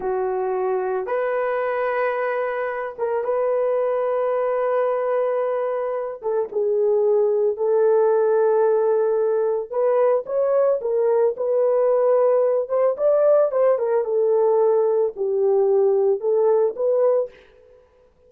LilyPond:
\new Staff \with { instrumentName = "horn" } { \time 4/4 \tempo 4 = 111 fis'2 b'2~ | b'4. ais'8 b'2~ | b'2.~ b'8 a'8 | gis'2 a'2~ |
a'2 b'4 cis''4 | ais'4 b'2~ b'8 c''8 | d''4 c''8 ais'8 a'2 | g'2 a'4 b'4 | }